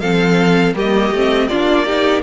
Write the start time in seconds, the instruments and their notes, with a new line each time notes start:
0.00 cello F3, viola C4, violin A4 F5
0.74 cello G3, viola A#3, violin G4 D#5
1.11 cello A3, viola C4
1.48 cello A#3, viola D4, violin F4 D5
1.85 viola D#4, violin G4